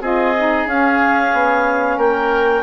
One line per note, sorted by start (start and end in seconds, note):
0.00 0.65 C4
0.00 0.34 F4
0.00 1.97 G#4
0.00 0.67 D#5
0.37 0.68 D#4
0.65 1.31 C#4
0.65 2.62 C#4
0.65 1.99 F5
1.33 1.97 B3
1.97 2.62 A#3
1.97 2.62 A#4
1.97 2.62 G5